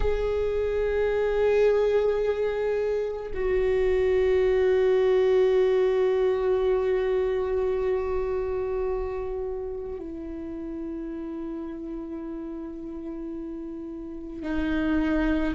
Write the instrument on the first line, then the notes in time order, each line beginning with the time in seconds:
viola
0.00 G#4
3.34 F#4
9.99 E4
14.42 D#4